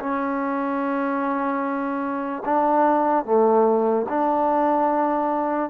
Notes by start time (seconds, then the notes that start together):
0.00 C#4
2.45 D4
3.25 A3
4.09 D4